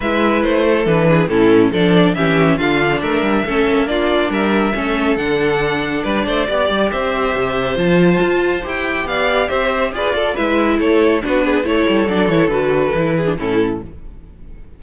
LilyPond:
<<
  \new Staff \with { instrumentName = "violin" } { \time 4/4 \tempo 4 = 139 e''4 c''4 b'4 a'4 | d''4 e''4 f''4 e''4~ | e''4 d''4 e''2 | fis''2 d''2 |
e''2 a''2 | g''4 f''4 e''4 d''4 | e''4 cis''4 b'4 cis''4 | d''8 cis''8 b'2 a'4 | }
  \new Staff \with { instrumentName = "violin" } { \time 4/4 b'4. a'4 gis'8 e'4 | a'4 g'4 f'4 ais'4 | a'4 f'4 ais'4 a'4~ | a'2 b'8 c''8 d''4 |
c''1~ | c''4 d''4 c''4 b'8 a'8 | b'4 a'4 fis'8 gis'8 a'4~ | a'2~ a'8 gis'8 e'4 | }
  \new Staff \with { instrumentName = "viola" } { \time 4/4 e'2 d'4 cis'4 | d'4 cis'4 d'2 | cis'4 d'2 cis'4 | d'2. g'4~ |
g'2 f'2 | g'2. gis'8 a'8 | e'2 d'4 e'4 | d'8 e'8 fis'4 e'8. d'16 cis'4 | }
  \new Staff \with { instrumentName = "cello" } { \time 4/4 gis4 a4 e4 a,4 | f4 e4 d4 a8 g8 | a8 ais4. g4 a4 | d2 g8 a8 b8 g8 |
c'4 c4 f4 f'4 | e'4 b4 c'4 f'4 | gis4 a4 b4 a8 g8 | fis8 e8 d4 e4 a,4 | }
>>